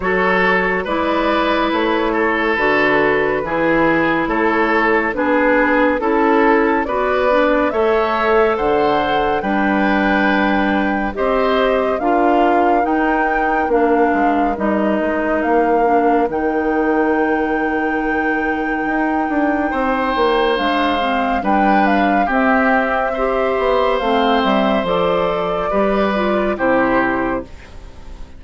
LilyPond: <<
  \new Staff \with { instrumentName = "flute" } { \time 4/4 \tempo 4 = 70 cis''4 d''4 cis''4 b'4~ | b'4 cis''4 b'4 a'4 | d''4 e''4 fis''4 g''4~ | g''4 dis''4 f''4 g''4 |
f''4 dis''4 f''4 g''4~ | g''1 | f''4 g''8 f''8 e''2 | f''8 e''8 d''2 c''4 | }
  \new Staff \with { instrumentName = "oboe" } { \time 4/4 a'4 b'4. a'4. | gis'4 a'4 gis'4 a'4 | b'4 cis''4 c''4 b'4~ | b'4 c''4 ais'2~ |
ais'1~ | ais'2. c''4~ | c''4 b'4 g'4 c''4~ | c''2 b'4 g'4 | }
  \new Staff \with { instrumentName = "clarinet" } { \time 4/4 fis'4 e'2 fis'4 | e'2 d'4 e'4 | fis'8 d'8 a'2 d'4~ | d'4 g'4 f'4 dis'4 |
d'4 dis'4. d'8 dis'4~ | dis'1 | d'8 c'8 d'4 c'4 g'4 | c'4 a'4 g'8 f'8 e'4 | }
  \new Staff \with { instrumentName = "bassoon" } { \time 4/4 fis4 gis4 a4 d4 | e4 a4 b4 cis'4 | b4 a4 d4 g4~ | g4 c'4 d'4 dis'4 |
ais8 gis8 g8 gis8 ais4 dis4~ | dis2 dis'8 d'8 c'8 ais8 | gis4 g4 c'4. b8 | a8 g8 f4 g4 c4 | }
>>